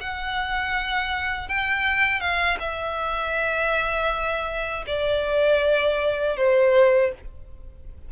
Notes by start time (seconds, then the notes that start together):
0.00 F#5
1.48 G5
2.20 F5
2.59 E5
4.86 D5
6.36 C5